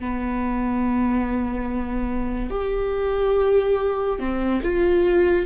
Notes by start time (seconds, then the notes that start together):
0.00 B3
2.50 G4
4.19 C4
4.63 F4